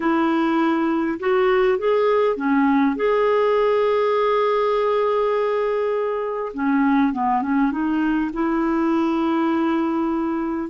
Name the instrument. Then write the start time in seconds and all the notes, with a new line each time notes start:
clarinet
0.00 E4
1.19 F#4
1.78 G#4
2.36 C#4
2.95 G#4
6.53 C#4
7.12 B3
7.42 C#4
7.71 D#4
8.33 E4